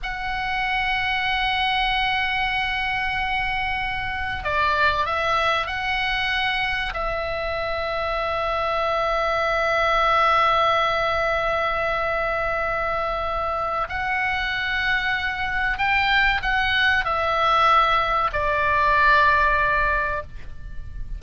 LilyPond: \new Staff \with { instrumentName = "oboe" } { \time 4/4 \tempo 4 = 95 fis''1~ | fis''2. d''4 | e''4 fis''2 e''4~ | e''1~ |
e''1~ | e''2 fis''2~ | fis''4 g''4 fis''4 e''4~ | e''4 d''2. | }